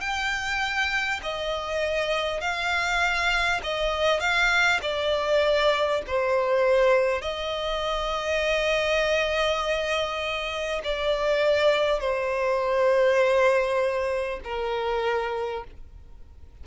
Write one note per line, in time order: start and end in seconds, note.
0.00 1.20 G5
1.22 2.41 D#5
2.41 3.61 F5
3.63 4.19 D#5
4.19 4.79 F5
4.82 6.02 D5
6.07 7.22 C5
7.22 10.82 D#5
10.84 12.00 D5
12.00 14.40 C5
14.44 15.64 A#4